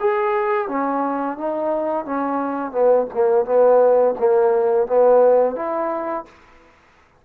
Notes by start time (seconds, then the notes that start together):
0.00 G#4
0.68 C#4
1.38 D#4
2.05 C#4
2.72 B3
3.14 A#3
3.45 B3
4.19 A#3
4.87 B3
5.56 E4